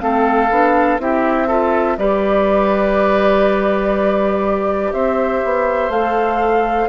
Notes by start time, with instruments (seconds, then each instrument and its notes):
0.00 bassoon A3, clarinet C4, oboe A4, flute F5
0.51 bassoon B3, clarinet D4
0.99 bassoon C4, clarinet E4, oboe G4, flute E5
1.48 clarinet F4, oboe A4
1.98 bassoon G3, clarinet G4, oboe B4, flute D5
4.93 bassoon C4, oboe C5, flute E5
5.45 bassoon B3
5.90 bassoon A3, clarinet A4, flute F5